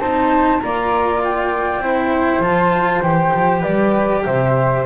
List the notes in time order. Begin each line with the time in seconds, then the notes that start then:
0.00 C4 D#4 C5 A5
0.60 A#3 F4 D5 A#5
1.24 G5
1.78 C4 E4 C5
2.39 F3 F4 A5
3.02 E3 G4 G5
3.34 F3
3.60 G3 B4 D5
4.25 C3 C5 E5